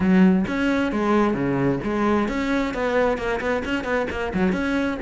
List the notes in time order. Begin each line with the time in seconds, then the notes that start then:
0.00 F#3
0.47 C#4
0.92 G#3
1.33 C#3
1.83 G#3
2.28 C#4
2.74 B3
3.17 A#3
3.40 B3
3.65 C#4
3.84 B3
4.10 A#3
4.34 F#3
4.52 C#4